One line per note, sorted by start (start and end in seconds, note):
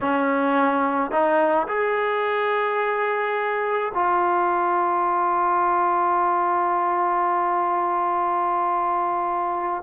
0.01 1.11 C#4
1.11 1.67 D#4
1.68 3.92 G#4
3.94 9.83 F4